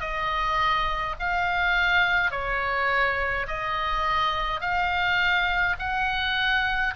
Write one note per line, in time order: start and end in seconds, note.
0.00 1.15 D#5
1.19 2.31 F5
2.31 3.46 C#5
3.47 4.60 D#5
4.60 5.76 F5
5.78 6.94 F#5